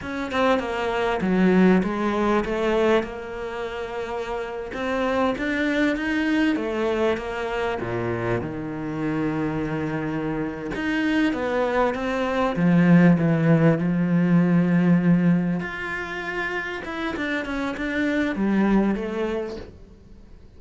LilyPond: \new Staff \with { instrumentName = "cello" } { \time 4/4 \tempo 4 = 98 cis'8 c'8 ais4 fis4 gis4 | a4 ais2~ ais8. c'16~ | c'8. d'4 dis'4 a4 ais16~ | ais8. ais,4 dis2~ dis16~ |
dis4. dis'4 b4 c'8~ | c'8 f4 e4 f4.~ | f4. f'2 e'8 | d'8 cis'8 d'4 g4 a4 | }